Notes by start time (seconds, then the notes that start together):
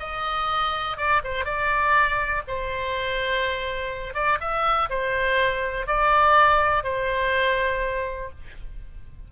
0.00 D#5
0.97 D5
1.24 C5
1.45 D5
2.48 C5
4.14 D5
4.41 E5
4.90 C5
5.87 D5
6.84 C5